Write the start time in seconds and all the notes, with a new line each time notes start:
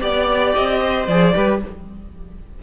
0.00 B3 G4 D5
0.55 C4 D#5
0.81 C5
1.06 F3 G#4 D5
1.33 G3 G4 B4